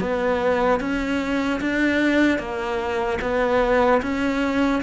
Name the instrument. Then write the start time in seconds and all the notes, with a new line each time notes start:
cello
0.00 B3
0.80 C#4
1.61 D4
2.38 A#3
3.21 B3
4.02 C#4